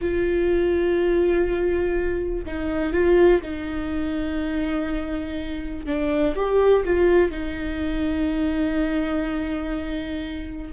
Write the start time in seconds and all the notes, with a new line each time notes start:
0.01 F4
2.45 D#4
2.93 F4
3.42 D#4
5.86 D4
6.35 G4
6.84 F4
7.30 D#4